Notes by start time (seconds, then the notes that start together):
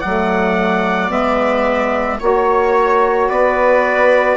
0.00 F#3 A3 D5 F#5
1.09 G#3 B3 E5
2.19 A#3 F#4 C#5
3.29 B3 B4 D5